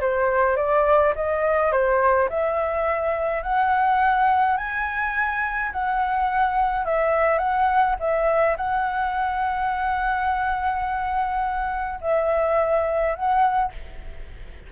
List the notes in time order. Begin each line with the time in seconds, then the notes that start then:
0.00 C5
0.56 D5
1.15 D#5
1.71 C5
2.29 E5
3.43 F#5
4.57 G#5
5.72 F#5
6.85 E5
7.38 F#5
7.99 E5
8.57 F#5
12.01 E5
13.15 F#5